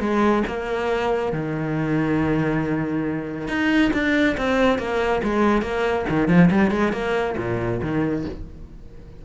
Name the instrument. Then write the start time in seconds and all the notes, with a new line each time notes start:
cello
0.00 G#3
0.47 A#3
1.32 D#3
3.48 D#4
3.93 D4
4.37 C4
4.78 A#3
5.23 G#3
5.62 A#3
6.09 D#3
6.28 F3
6.50 G3
6.70 G#3
6.92 A#3
7.38 A#2
7.82 D#3